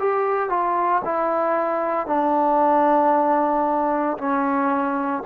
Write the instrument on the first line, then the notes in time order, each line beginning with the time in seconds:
trombone
0.00 G4
0.50 F4
1.05 E4
2.07 D4
4.18 C#4